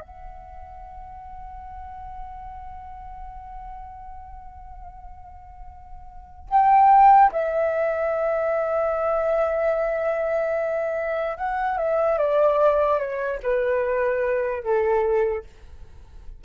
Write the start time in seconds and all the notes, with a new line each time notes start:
0.00 F#5
6.49 G5
7.32 E5
11.37 F#5
11.78 E5
12.18 D5
12.99 C#5
13.43 B4
14.63 A4